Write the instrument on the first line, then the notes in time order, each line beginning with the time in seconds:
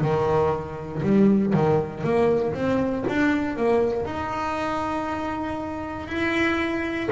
double bass
0.00 D#3
1.03 G3
1.53 D#3
2.03 A#3
2.54 C4
3.08 D4
3.56 A#3
4.05 D#4
6.07 E4